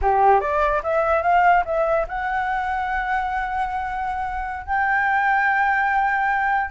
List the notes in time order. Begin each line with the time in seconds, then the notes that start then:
0.01 G4
0.40 D5
0.83 E5
1.22 F5
1.65 E5
2.08 F#5
4.66 G5